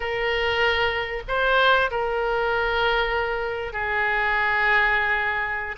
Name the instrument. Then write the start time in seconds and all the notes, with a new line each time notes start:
oboe
0.00 A#4
1.28 C5
1.91 A#4
3.72 G#4